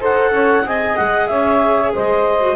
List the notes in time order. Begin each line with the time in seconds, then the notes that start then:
0.00 D#4 A4 C5 F#5
0.31 C#4 C#5
0.64 C4 G#4 D#5 G#5
0.97 G#3 F#5
1.28 C#4 C#5 E5
1.94 G#3 C5 D#5
2.41 F#4